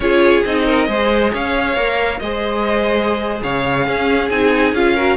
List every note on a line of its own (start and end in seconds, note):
0.00 0.43 C#4
0.00 0.46 F4
0.00 0.65 G#4
0.00 0.43 C#5
0.45 0.88 C4
0.45 0.87 D#4
0.45 1.33 D#5
0.65 0.87 A#4
0.87 1.32 G#3
0.87 1.76 G#4
0.87 1.32 C5
1.32 1.76 C#4
1.32 2.20 C#5
1.32 2.19 F5
1.76 2.20 A#3
1.76 2.21 A#4
2.19 3.42 G#3
2.19 3.85 G#4
2.19 3.43 C5
2.19 3.40 D#5
3.43 3.87 C#3
3.43 3.85 C#5
3.43 4.30 F5
3.85 4.29 C#4
3.85 4.30 C#4
3.85 4.94 G#4
4.30 4.73 C4
4.30 4.75 D#4
4.30 4.74 G#5
4.73 5.16 C#4
4.73 4.96 F4
4.73 5.16 F5
4.94 5.16 F#4
4.94 5.16 A#4